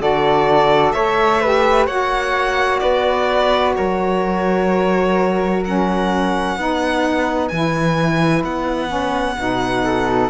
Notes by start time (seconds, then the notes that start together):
0.00 D3 F#4 A4 D5
0.92 A3 A4 C#5 E5
1.41 G4 B4
1.87 A#3 F#4 C#5 F#5
2.80 B3 B4 D5
3.76 F#3 A#4 C#5
5.64 C#4 F#5
6.56 B3 D#4 B4
7.48 E3 E4 G#5
8.44 B3 F#5
8.87 C#4
9.38 B2 D#4
9.84 A4